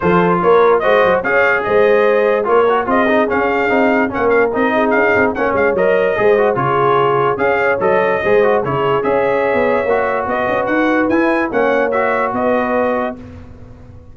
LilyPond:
<<
  \new Staff \with { instrumentName = "trumpet" } { \time 4/4 \tempo 4 = 146 c''4 cis''4 dis''4 f''4 | dis''2 cis''4 dis''4 | f''2 fis''8 f''8 dis''4 | f''4 fis''8 f''8 dis''2 |
cis''2 f''4 dis''4~ | dis''4 cis''4 e''2~ | e''4 dis''4 fis''4 gis''4 | fis''4 e''4 dis''2 | }
  \new Staff \with { instrumentName = "horn" } { \time 4/4 a'4 ais'4 c''4 cis''4 | c''2 ais'4 gis'4~ | gis'2 ais'4. gis'8~ | gis'4 cis''2 c''4 |
gis'2 cis''2 | c''4 gis'4 cis''2~ | cis''4 b'2. | cis''2 b'2 | }
  \new Staff \with { instrumentName = "trombone" } { \time 4/4 f'2 fis'4 gis'4~ | gis'2 f'8 fis'8 f'8 dis'8 | cis'4 dis'4 cis'4 dis'4~ | dis'4 cis'4 ais'4 gis'8 fis'8 |
f'2 gis'4 a'4 | gis'8 fis'8 e'4 gis'2 | fis'2. e'4 | cis'4 fis'2. | }
  \new Staff \with { instrumentName = "tuba" } { \time 4/4 f4 ais4 gis8 fis8 cis'4 | gis2 ais4 c'4 | cis'4 c'4 ais4 c'4 | cis'8 c'8 ais8 gis8 fis4 gis4 |
cis2 cis'4 fis4 | gis4 cis4 cis'4~ cis'16 b8. | ais4 b8 cis'8 dis'4 e'4 | ais2 b2 | }
>>